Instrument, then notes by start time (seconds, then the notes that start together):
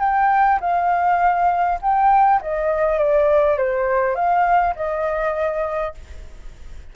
flute
0.00 G5
0.61 F5
1.82 G5
2.42 D#5
2.99 D5
3.58 C5
4.16 F5
4.76 D#5